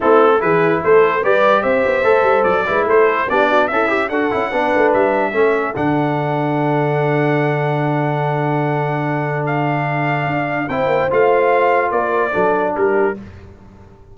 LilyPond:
<<
  \new Staff \with { instrumentName = "trumpet" } { \time 4/4 \tempo 4 = 146 a'4 b'4 c''4 d''4 | e''2 d''4 c''4 | d''4 e''4 fis''2 | e''2 fis''2~ |
fis''1~ | fis''2. f''4~ | f''2 g''4 f''4~ | f''4 d''2 ais'4 | }
  \new Staff \with { instrumentName = "horn" } { \time 4/4 e'4 gis'4 a'4 b'4 | c''2~ c''8 b'8 a'4 | g'8 fis'8 e'4 a'4 b'4~ | b'4 a'2.~ |
a'1~ | a'1~ | a'2 c''2~ | c''4 ais'4 a'4 g'4 | }
  \new Staff \with { instrumentName = "trombone" } { \time 4/4 c'4 e'2 g'4~ | g'4 a'4. e'4. | d'4 a'8 g'8 fis'8 e'8 d'4~ | d'4 cis'4 d'2~ |
d'1~ | d'1~ | d'2 e'4 f'4~ | f'2 d'2 | }
  \new Staff \with { instrumentName = "tuba" } { \time 4/4 a4 e4 a4 g4 | c'8 b8 a8 g8 fis8 gis8 a4 | b4 cis'4 d'8 cis'8 b8 a8 | g4 a4 d2~ |
d1~ | d1~ | d4 d'4 c'8 ais8 a4~ | a4 ais4 fis4 g4 | }
>>